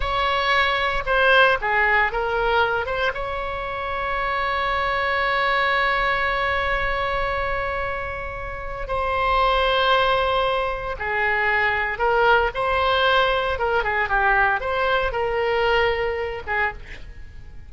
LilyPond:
\new Staff \with { instrumentName = "oboe" } { \time 4/4 \tempo 4 = 115 cis''2 c''4 gis'4 | ais'4. c''8 cis''2~ | cis''1~ | cis''1~ |
cis''4 c''2.~ | c''4 gis'2 ais'4 | c''2 ais'8 gis'8 g'4 | c''4 ais'2~ ais'8 gis'8 | }